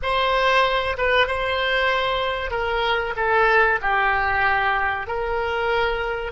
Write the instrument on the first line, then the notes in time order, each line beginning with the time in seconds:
oboe
0.02 C5
0.97 B4
1.27 C5
2.51 A#4
3.16 A4
3.81 G4
5.07 A#4